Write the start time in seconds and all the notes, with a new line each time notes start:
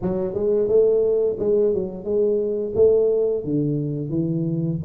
0.02 F#3
0.34 G#3
0.68 A3
1.39 G#3
1.74 F#3
2.04 G#3
2.75 A3
3.44 D3
4.09 E3